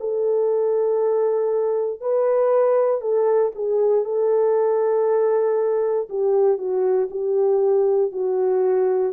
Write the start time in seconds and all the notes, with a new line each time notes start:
0.00 A4
2.01 B4
3.01 A4
3.55 G#4
4.05 A4
6.10 G4
6.58 F#4
7.10 G4
8.12 F#4